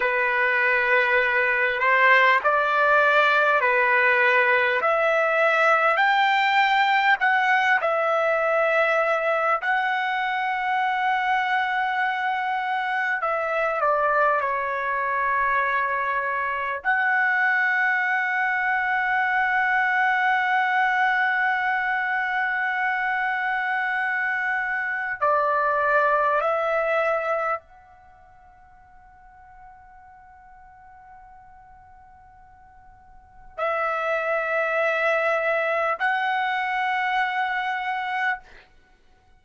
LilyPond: \new Staff \with { instrumentName = "trumpet" } { \time 4/4 \tempo 4 = 50 b'4. c''8 d''4 b'4 | e''4 g''4 fis''8 e''4. | fis''2. e''8 d''8 | cis''2 fis''2~ |
fis''1~ | fis''4 d''4 e''4 fis''4~ | fis''1 | e''2 fis''2 | }